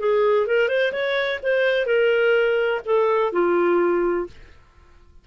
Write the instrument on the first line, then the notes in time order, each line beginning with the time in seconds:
clarinet
0.00 G#4
0.47 A#4
0.68 C5
0.92 C#5
1.43 C5
1.86 A#4
2.85 A4
3.32 F4